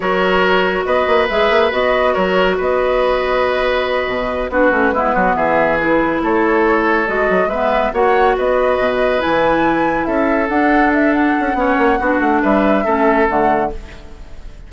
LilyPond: <<
  \new Staff \with { instrumentName = "flute" } { \time 4/4 \tempo 4 = 140 cis''2 dis''4 e''4 | dis''4 cis''4 dis''2~ | dis''2~ dis''8 b'4.~ | b'8 e''4 b'4 cis''4.~ |
cis''8 dis''4 e''4 fis''4 dis''8~ | dis''4. gis''2 e''8~ | e''8 fis''4 e''8 fis''2~ | fis''4 e''2 fis''4 | }
  \new Staff \with { instrumentName = "oboe" } { \time 4/4 ais'2 b'2~ | b'4 ais'4 b'2~ | b'2~ b'8 fis'4 e'8 | fis'8 gis'2 a'4.~ |
a'4. b'4 cis''4 b'8~ | b'2.~ b'8 a'8~ | a'2. cis''4 | fis'4 b'4 a'2 | }
  \new Staff \with { instrumentName = "clarinet" } { \time 4/4 fis'2. gis'4 | fis'1~ | fis'2~ fis'8 d'8 cis'8 b8~ | b4. e'2~ e'8~ |
e'8 fis'4 b4 fis'4.~ | fis'4. e'2~ e'8~ | e'8 d'2~ d'8 cis'4 | d'2 cis'4 a4 | }
  \new Staff \with { instrumentName = "bassoon" } { \time 4/4 fis2 b8 ais8 gis8 ais8 | b4 fis4 b2~ | b4. b,4 b8 a8 gis8 | fis8 e2 a4.~ |
a8 gis8 fis8 gis4 ais4 b8~ | b8 b,4 e2 cis'8~ | cis'8 d'2 cis'8 b8 ais8 | b8 a8 g4 a4 d4 | }
>>